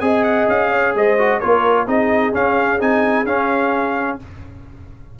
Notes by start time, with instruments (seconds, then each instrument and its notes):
0.00 tuba C4, trombone G#4, horn D#5, trumpet G#5
0.23 trumpet F#5
0.48 tuba C#4, trumpet F5
0.72 horn C#5
0.95 tuba G#3, horn C5, trumpet D#5
1.18 trombone F#4
1.40 tuba A#3, trombone F4, horn A#4, trumpet C#5
1.87 tuba C4, trombone D#4, horn G#4, trumpet D#5
2.33 trombone C#4, tuba C#4, trumpet F5
2.79 tuba C4, trombone D#4, trumpet G#5
3.24 tuba C#4, trombone C#4, trumpet F5